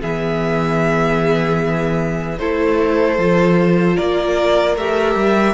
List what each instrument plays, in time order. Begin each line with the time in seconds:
0.00 cello E3, viola B3, violin G#4 E5
2.38 cello A3, viola E4, violin A4 C5
3.17 cello F3, viola F4
3.96 cello A#3, violin A#4 D5
4.76 cello A3, viola G4, violin E5
5.15 cello G3